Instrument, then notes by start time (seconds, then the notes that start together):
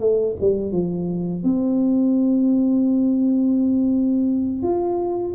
tuba
0.00 A3
0.41 G3
0.72 F3
1.44 C4
4.63 F4